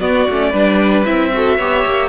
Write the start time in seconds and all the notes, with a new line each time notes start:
0.00 B3 F#4 D5
0.29 A3 C#4
0.50 G3 D4 B4
1.05 C4 E4 E5
1.33 F#4 A4
1.57 B3 G4 C#5
1.85 A#3